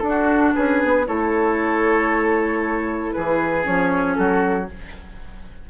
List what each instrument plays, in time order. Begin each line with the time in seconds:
0.00 bassoon D4, clarinet D4, flute A4
0.09 oboe F#4
0.55 bassoon C#4, oboe G#4, flute B4
0.84 bassoon B3
1.06 bassoon A3, clarinet E4, oboe A4, flute C#5
3.12 bassoon E3, oboe G#4, flute B4
3.64 bassoon F3, clarinet C#4, flute C#5
4.16 bassoon F#3, oboe F#4, flute A4